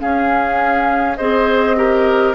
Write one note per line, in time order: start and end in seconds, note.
0.00 1.18 C#4
0.00 1.19 C#4
0.00 1.18 G#4
0.00 1.16 F5
1.16 2.36 C4
1.16 1.76 G#4
1.16 1.76 C5
1.16 2.34 D#5
1.76 2.35 G4
1.76 2.36 A#4